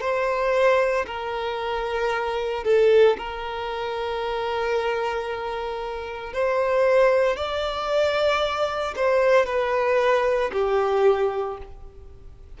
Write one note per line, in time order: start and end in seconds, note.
0.00 1.05 C5
1.06 2.64 A#4
2.64 3.16 A4
3.17 6.33 A#4
6.33 7.36 C5
7.36 8.94 D5
8.96 9.45 C5
9.45 10.51 B4
10.52 11.57 G4